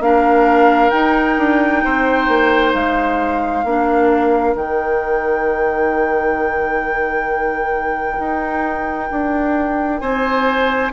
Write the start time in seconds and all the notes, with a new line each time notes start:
0.00 A#3 D4 A#4 F5
0.90 D#4 G5
1.38 D4
1.84 C4 C5
2.28 A#3
2.74 G#3 F5
3.64 A#3 D4 A#4
4.55 D#3 D#4 G5
8.19 D#4
9.11 D4
10.00 C4 C5 G#5